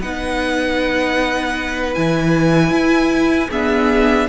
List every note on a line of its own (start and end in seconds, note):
0.00 1.95 B3
0.00 1.95 D#4
0.00 3.49 B4
0.00 1.94 F#5
1.94 2.71 E3
1.94 3.50 E4
1.94 3.50 G#5
2.71 3.49 E4
3.49 4.29 B3
3.49 4.29 D4
3.49 4.27 G#4
3.49 4.29 E5